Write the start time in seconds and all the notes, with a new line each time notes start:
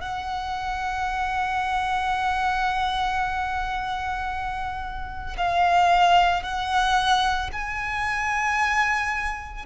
0.00 F#5
5.37 F5
6.42 F#5
7.52 G#5